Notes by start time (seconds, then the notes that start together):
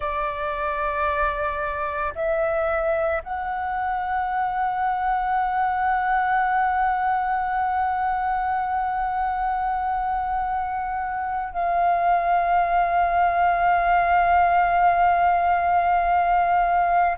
0.00 D5
2.15 E5
3.23 F#5
11.53 F5